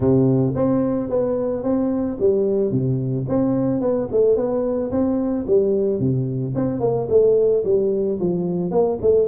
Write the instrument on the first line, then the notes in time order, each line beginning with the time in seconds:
tuba
0.00 C3
0.55 C4
1.09 B3
1.63 C4
2.19 G3
2.71 C3
3.28 C4
3.80 B3
4.11 A3
4.36 B3
4.91 C4
5.47 G3
5.99 C3
6.55 C4
6.80 A#3
7.09 A3
7.64 G3
8.19 F3
8.71 A#3
9.01 A3